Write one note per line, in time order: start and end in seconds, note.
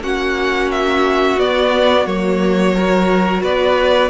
0.00 1.36 A#3
0.00 1.38 C#4
0.00 2.75 F#4
0.00 0.71 F#5
0.71 1.39 E5
1.37 2.06 B3
1.37 2.07 B3
1.37 2.07 D5
2.06 3.42 F#3
2.06 2.75 A#3
2.06 3.43 C#5
2.75 4.10 F#4
2.75 3.42 A#4
3.42 4.10 B3
3.42 4.10 B4
3.42 4.10 D5